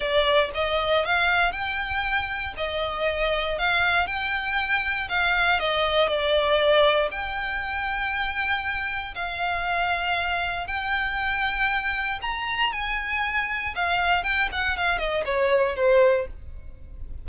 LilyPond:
\new Staff \with { instrumentName = "violin" } { \time 4/4 \tempo 4 = 118 d''4 dis''4 f''4 g''4~ | g''4 dis''2 f''4 | g''2 f''4 dis''4 | d''2 g''2~ |
g''2 f''2~ | f''4 g''2. | ais''4 gis''2 f''4 | g''8 fis''8 f''8 dis''8 cis''4 c''4 | }